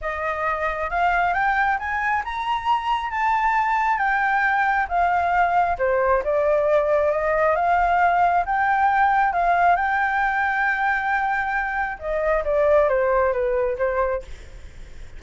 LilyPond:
\new Staff \with { instrumentName = "flute" } { \time 4/4 \tempo 4 = 135 dis''2 f''4 g''4 | gis''4 ais''2 a''4~ | a''4 g''2 f''4~ | f''4 c''4 d''2 |
dis''4 f''2 g''4~ | g''4 f''4 g''2~ | g''2. dis''4 | d''4 c''4 b'4 c''4 | }